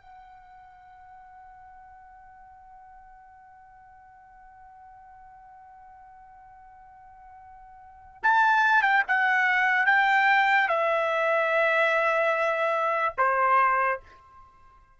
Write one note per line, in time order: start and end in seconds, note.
0.00 8.22 F#5
8.23 8.82 A5
8.82 9.03 G5
9.07 9.86 F#5
9.86 10.68 G5
10.68 13.15 E5
13.18 14.00 C5